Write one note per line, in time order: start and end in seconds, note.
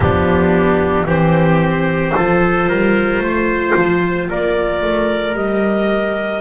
0.00 1.04 F3
0.00 1.07 B3
0.00 1.06 D4
0.00 1.07 G4
1.05 2.12 E3
1.05 2.15 C4
1.05 2.13 G4
1.05 4.29 C5
2.15 2.67 F3
2.15 5.34 F4
2.15 2.68 A4
2.67 3.18 G3
2.67 3.22 A#4
3.18 3.72 A3
3.18 4.28 C5
3.75 4.29 F3
4.28 4.82 A#3
4.28 6.41 A#4
4.28 5.36 D5
4.82 5.34 A3
5.34 6.41 G3
5.34 6.41 G4
5.34 6.41 D#5